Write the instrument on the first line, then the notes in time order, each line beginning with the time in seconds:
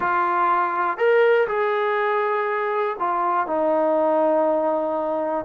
trombone
0.00 F4
0.97 A#4
1.47 G#4
2.99 F4
3.46 D#4